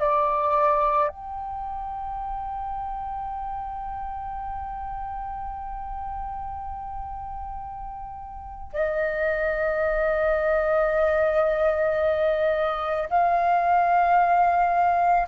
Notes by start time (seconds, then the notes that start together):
0.00 D5
1.09 G5
8.74 D#5
13.10 F5